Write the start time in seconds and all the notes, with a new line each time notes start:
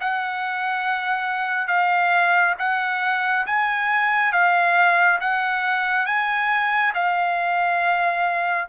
0.00 F#5
1.68 F5
2.59 F#5
3.46 G#5
4.32 F5
5.20 F#5
6.06 G#5
6.94 F5